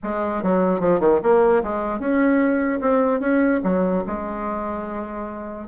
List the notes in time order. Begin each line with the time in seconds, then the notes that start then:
0.03 G#3
0.42 F#3
0.80 F3
0.99 D#3
1.22 A#3
1.63 G#3
1.99 C#4
2.80 C4
3.20 C#4
3.63 F#3
4.06 G#3